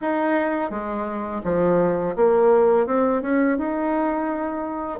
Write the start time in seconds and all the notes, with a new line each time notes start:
0.01 D#4
0.70 G#3
1.44 F3
2.16 A#3
2.86 C4
3.22 C#4
3.57 D#4